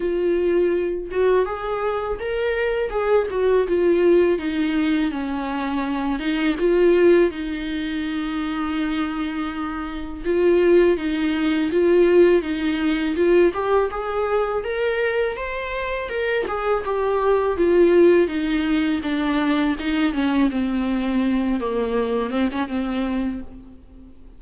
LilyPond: \new Staff \with { instrumentName = "viola" } { \time 4/4 \tempo 4 = 82 f'4. fis'8 gis'4 ais'4 | gis'8 fis'8 f'4 dis'4 cis'4~ | cis'8 dis'8 f'4 dis'2~ | dis'2 f'4 dis'4 |
f'4 dis'4 f'8 g'8 gis'4 | ais'4 c''4 ais'8 gis'8 g'4 | f'4 dis'4 d'4 dis'8 cis'8 | c'4. ais4 c'16 cis'16 c'4 | }